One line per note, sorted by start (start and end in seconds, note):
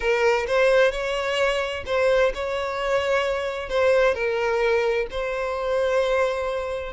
0.00 0.46 A#4
0.47 0.91 C5
0.91 1.84 C#5
1.86 2.32 C5
2.34 3.69 C#5
3.69 4.14 C5
4.14 5.06 A#4
5.10 6.93 C5